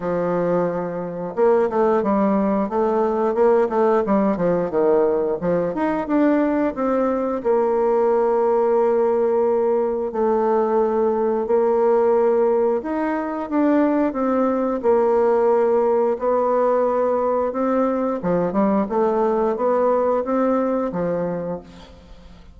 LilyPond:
\new Staff \with { instrumentName = "bassoon" } { \time 4/4 \tempo 4 = 89 f2 ais8 a8 g4 | a4 ais8 a8 g8 f8 dis4 | f8 dis'8 d'4 c'4 ais4~ | ais2. a4~ |
a4 ais2 dis'4 | d'4 c'4 ais2 | b2 c'4 f8 g8 | a4 b4 c'4 f4 | }